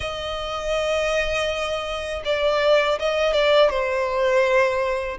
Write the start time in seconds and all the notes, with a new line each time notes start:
0.00 D#5
2.24 D5
2.99 D#5
3.33 D5
3.70 C5